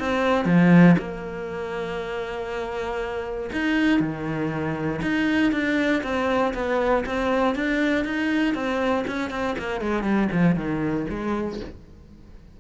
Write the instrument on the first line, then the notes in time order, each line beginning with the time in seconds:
cello
0.00 C4
0.46 F3
0.99 A#3
3.53 D#4
4.00 D#3
5.02 D#4
5.53 D4
6.04 C4
6.55 B3
7.06 C4
7.56 D4
8.05 D#4
8.55 C4
9.08 C#4
9.31 C4
9.59 A#3
9.81 G#3
10.03 G3
10.32 F3
10.56 D#3
11.10 G#3